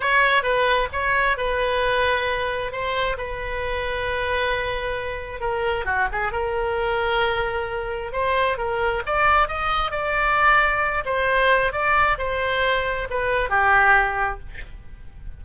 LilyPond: \new Staff \with { instrumentName = "oboe" } { \time 4/4 \tempo 4 = 133 cis''4 b'4 cis''4 b'4~ | b'2 c''4 b'4~ | b'1 | ais'4 fis'8 gis'8 ais'2~ |
ais'2 c''4 ais'4 | d''4 dis''4 d''2~ | d''8 c''4. d''4 c''4~ | c''4 b'4 g'2 | }